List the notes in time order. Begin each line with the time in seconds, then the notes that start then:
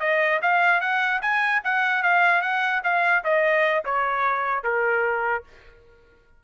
0.00 D#5
0.42 F5
0.81 F#5
1.22 G#5
1.64 F#5
2.03 F5
2.42 F#5
2.83 F5
3.24 D#5
3.85 C#5
4.63 A#4